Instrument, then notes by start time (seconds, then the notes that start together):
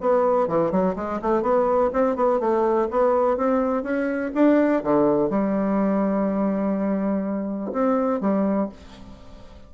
bassoon
0.00 B3
0.47 E3
0.71 F#3
0.95 G#3
1.21 A3
1.42 B3
1.93 C4
2.15 B3
2.40 A3
2.90 B3
3.37 C4
3.83 C#4
4.34 D4
4.83 D3
5.29 G3
7.72 C4
8.20 G3